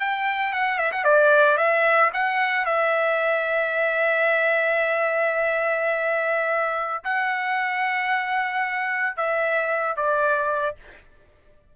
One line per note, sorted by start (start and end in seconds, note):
0.00 0.53 G5
0.53 0.78 F#5
0.78 0.91 E5
0.92 1.04 F#5
1.04 1.57 D5
1.58 2.11 E5
2.13 2.65 F#5
2.65 7.04 E5
7.04 9.17 F#5
9.17 9.96 E5
9.96 10.76 D5